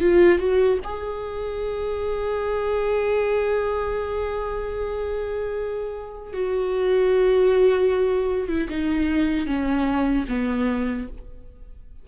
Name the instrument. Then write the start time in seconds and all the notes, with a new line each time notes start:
viola
0.00 F4
0.38 F#4
0.84 G#4
6.33 F#4
8.48 E4
8.69 D#4
9.46 C#4
10.28 B3